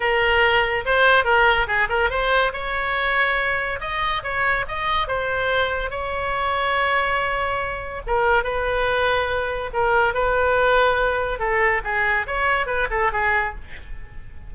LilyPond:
\new Staff \with { instrumentName = "oboe" } { \time 4/4 \tempo 4 = 142 ais'2 c''4 ais'4 | gis'8 ais'8 c''4 cis''2~ | cis''4 dis''4 cis''4 dis''4 | c''2 cis''2~ |
cis''2. ais'4 | b'2. ais'4 | b'2. a'4 | gis'4 cis''4 b'8 a'8 gis'4 | }